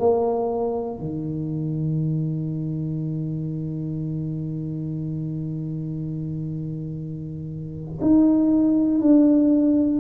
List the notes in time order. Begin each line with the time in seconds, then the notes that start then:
0.00 A#3
1.00 D#3
8.02 D#4
9.02 D4